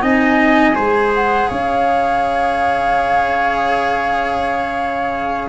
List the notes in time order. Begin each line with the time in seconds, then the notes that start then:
0.00 C4 D#4 D#5 G#5
0.74 G#3 G#4 C5
1.14 F#5
1.48 C#4 C#5 F5